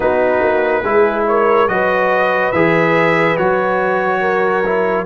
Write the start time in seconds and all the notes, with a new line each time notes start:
0.00 B3 D#4 F#4 B4
0.41 A#3
0.83 G#3 E4 G#4
1.27 A#4 C#5
1.68 F#3 F#4 B4 D#5
2.52 E3 G#4 E5
3.36 F#3 F#4 C#5
4.21 A#4
4.65 E4